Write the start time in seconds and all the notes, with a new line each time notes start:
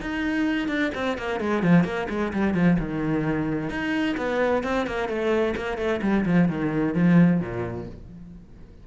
0.00 D#4
0.68 D4
0.94 C4
1.17 A#3
1.40 G#3
1.62 F3
1.84 A#3
2.09 G#3
2.32 G3
2.54 F3
2.79 D#3
3.69 D#4
4.17 B3
4.63 C4
4.86 A#3
5.08 A3
5.56 A#3
5.77 A3
6.01 G3
6.25 F3
6.48 D#3
6.94 F3
7.40 A#2